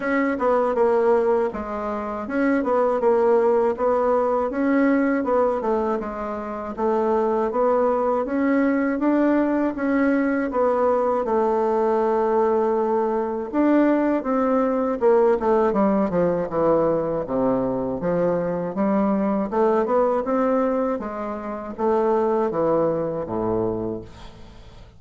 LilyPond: \new Staff \with { instrumentName = "bassoon" } { \time 4/4 \tempo 4 = 80 cis'8 b8 ais4 gis4 cis'8 b8 | ais4 b4 cis'4 b8 a8 | gis4 a4 b4 cis'4 | d'4 cis'4 b4 a4~ |
a2 d'4 c'4 | ais8 a8 g8 f8 e4 c4 | f4 g4 a8 b8 c'4 | gis4 a4 e4 a,4 | }